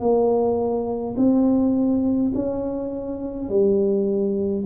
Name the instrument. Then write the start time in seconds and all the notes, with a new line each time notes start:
tuba
0.00 A#3
1.17 C4
2.34 C#4
3.49 G3